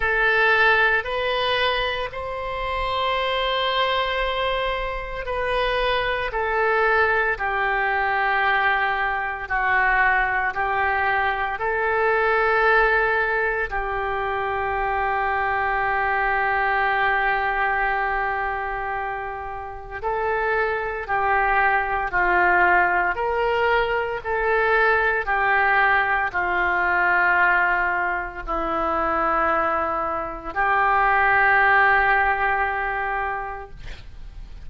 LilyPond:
\new Staff \with { instrumentName = "oboe" } { \time 4/4 \tempo 4 = 57 a'4 b'4 c''2~ | c''4 b'4 a'4 g'4~ | g'4 fis'4 g'4 a'4~ | a'4 g'2.~ |
g'2. a'4 | g'4 f'4 ais'4 a'4 | g'4 f'2 e'4~ | e'4 g'2. | }